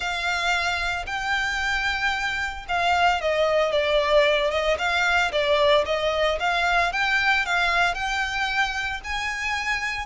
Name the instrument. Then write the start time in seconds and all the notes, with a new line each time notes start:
violin
0.00 F5
1.06 G5
2.68 F5
3.21 D#5
3.71 D5
4.50 D#5
4.78 F5
5.31 D5
5.85 D#5
6.39 F5
6.92 G5
7.45 F5
7.94 G5
9.03 G#5